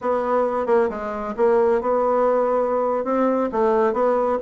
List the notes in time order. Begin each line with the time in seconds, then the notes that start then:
0.01 B3
0.66 A#3
0.89 G#3
1.37 A#3
1.81 B3
3.04 C4
3.51 A3
3.93 B3